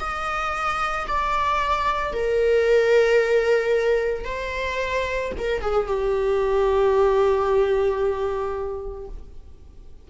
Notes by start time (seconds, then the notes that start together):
0.00 D#5
1.08 D5
2.13 A#4
4.25 C5
5.39 A#4
5.62 G#4
5.87 G4